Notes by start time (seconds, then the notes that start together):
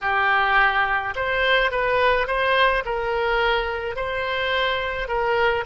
0.01 G4
1.15 C5
1.71 B4
2.27 C5
2.85 A#4
3.95 C5
5.07 A#4